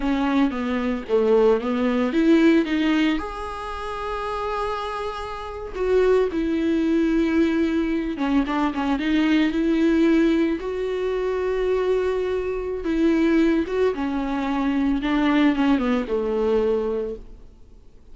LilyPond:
\new Staff \with { instrumentName = "viola" } { \time 4/4 \tempo 4 = 112 cis'4 b4 a4 b4 | e'4 dis'4 gis'2~ | gis'2~ gis'8. fis'4 e'16~ | e'2.~ e'16 cis'8 d'16~ |
d'16 cis'8 dis'4 e'2 fis'16~ | fis'1 | e'4. fis'8 cis'2 | d'4 cis'8 b8 a2 | }